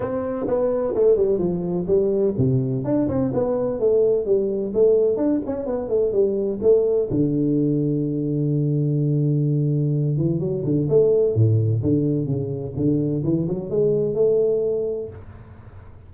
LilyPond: \new Staff \with { instrumentName = "tuba" } { \time 4/4 \tempo 4 = 127 c'4 b4 a8 g8 f4 | g4 c4 d'8 c'8 b4 | a4 g4 a4 d'8 cis'8 | b8 a8 g4 a4 d4~ |
d1~ | d4. e8 fis8 d8 a4 | a,4 d4 cis4 d4 | e8 fis8 gis4 a2 | }